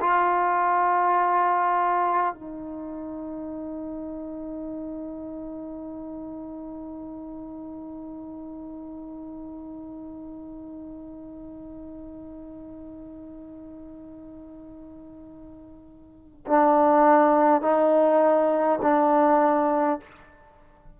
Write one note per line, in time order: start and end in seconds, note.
0.00 2.34 F4
2.34 16.45 D#4
16.47 17.61 D4
17.61 18.79 D#4
18.82 19.99 D4